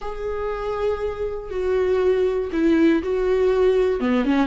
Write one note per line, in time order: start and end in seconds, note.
0.01 1.50 G#4
1.50 2.50 F#4
2.52 3.02 E4
3.02 4.00 F#4
4.00 4.24 B3
4.24 4.47 C#4